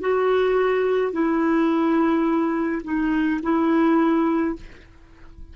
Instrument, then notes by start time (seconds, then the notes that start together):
clarinet
0.00 F#4
1.12 E4
2.84 D#4
3.42 E4